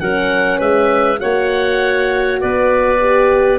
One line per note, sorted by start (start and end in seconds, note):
0.00 0.60 F#3
0.00 1.19 C#4
0.00 0.58 A#4
0.00 0.60 F#5
0.58 1.20 G#3
0.58 1.18 B4
0.58 1.20 E5
1.19 2.43 A#3
1.19 2.99 F#4
1.19 2.41 C#5
1.19 2.40 F#5
2.41 3.59 B3
2.41 3.59 B4
2.41 3.59 D5
3.00 3.59 G4